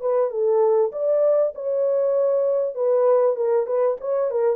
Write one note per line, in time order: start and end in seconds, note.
0.00 0.30 B4
0.30 0.92 A4
0.92 1.53 D5
1.55 2.74 C#5
2.74 3.36 B4
3.36 3.66 A#4
3.66 3.97 B4
4.00 4.31 C#5
4.31 4.56 A#4